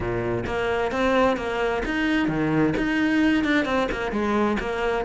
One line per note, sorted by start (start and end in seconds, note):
0.00 0.45 A#2
0.46 0.91 A#3
0.91 1.37 C4
1.37 1.82 A#3
1.85 2.28 D#4
2.28 2.74 D#3
2.77 3.44 D#4
3.44 3.65 D4
3.65 3.88 C4
3.91 4.11 A#3
4.11 4.57 G#3
4.59 5.05 A#3